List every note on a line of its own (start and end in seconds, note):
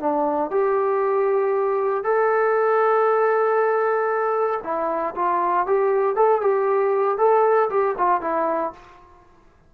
0.00 0.51 D4
0.51 2.04 G4
2.04 4.60 A4
4.64 5.15 E4
5.16 5.67 F4
5.67 6.16 G4
6.16 6.41 A4
6.41 7.18 G4
7.18 7.69 A4
7.70 7.96 G4
7.98 8.21 F4
8.21 8.73 E4